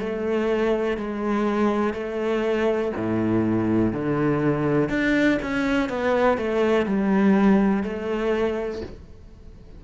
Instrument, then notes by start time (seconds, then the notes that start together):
cello
0.00 A3
0.97 G#3
1.94 A3
2.97 A2
3.93 D3
4.90 D4
5.43 C#4
5.89 B3
6.38 A3
6.86 G3
7.83 A3